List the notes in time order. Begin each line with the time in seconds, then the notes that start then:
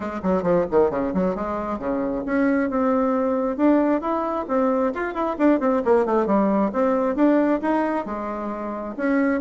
0.00 G#3
0.22 F#3
0.43 F3
0.70 D#3
0.90 C#3
1.14 F#3
1.35 G#3
1.78 C#3
2.25 C#4
2.70 C4
3.56 D4
4.01 E4
4.48 C4
4.94 F4
5.14 E4
5.38 D4
5.59 C4
5.84 A#3
6.05 A3
6.26 G3
6.73 C4
7.15 D4
7.61 D#4
8.05 G#3
8.96 C#4